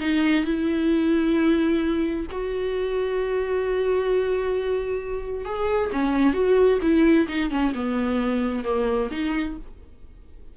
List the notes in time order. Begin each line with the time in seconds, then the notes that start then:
0.00 D#4
0.45 E4
2.31 F#4
5.45 G#4
5.93 C#4
6.34 F#4
6.82 E4
7.29 D#4
7.51 C#4
7.75 B3
8.64 A#3
9.12 D#4